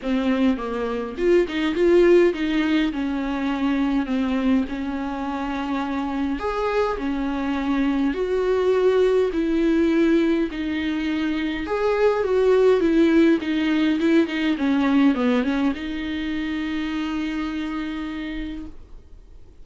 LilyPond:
\new Staff \with { instrumentName = "viola" } { \time 4/4 \tempo 4 = 103 c'4 ais4 f'8 dis'8 f'4 | dis'4 cis'2 c'4 | cis'2. gis'4 | cis'2 fis'2 |
e'2 dis'2 | gis'4 fis'4 e'4 dis'4 | e'8 dis'8 cis'4 b8 cis'8 dis'4~ | dis'1 | }